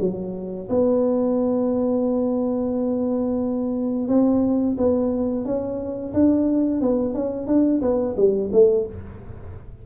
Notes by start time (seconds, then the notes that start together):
0.00 F#3
0.69 B3
4.08 C4
4.77 B3
5.45 C#4
6.13 D4
6.81 B3
7.14 C#4
7.47 D4
7.81 B3
8.16 G3
8.52 A3